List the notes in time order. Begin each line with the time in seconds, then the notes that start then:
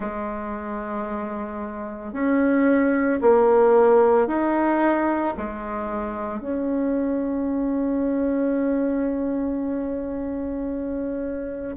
0.00 G#3
2.12 C#4
3.21 A#3
4.27 D#4
5.37 G#3
6.39 C#4